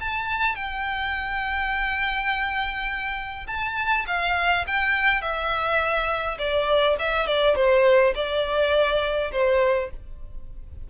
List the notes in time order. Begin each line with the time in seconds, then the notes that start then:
0.00 A5
0.55 G5
3.47 A5
4.07 F5
4.67 G5
5.21 E5
6.38 D5
6.99 E5
7.27 D5
7.55 C5
8.15 D5
9.32 C5